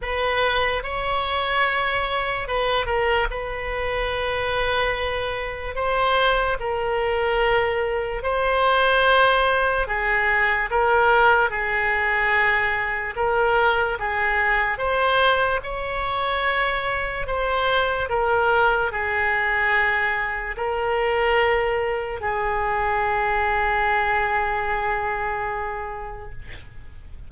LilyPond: \new Staff \with { instrumentName = "oboe" } { \time 4/4 \tempo 4 = 73 b'4 cis''2 b'8 ais'8 | b'2. c''4 | ais'2 c''2 | gis'4 ais'4 gis'2 |
ais'4 gis'4 c''4 cis''4~ | cis''4 c''4 ais'4 gis'4~ | gis'4 ais'2 gis'4~ | gis'1 | }